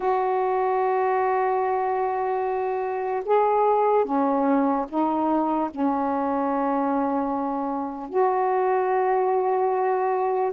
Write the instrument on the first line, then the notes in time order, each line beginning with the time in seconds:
saxophone
0.00 F#4
3.25 G#4
4.04 C#4
4.88 D#4
5.70 C#4
8.09 F#4